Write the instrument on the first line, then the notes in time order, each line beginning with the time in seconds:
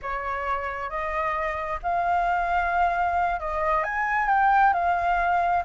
flute
0.01 C#5
0.89 D#5
1.82 F5
3.40 D#5
3.83 G#5
4.28 G5
4.73 F5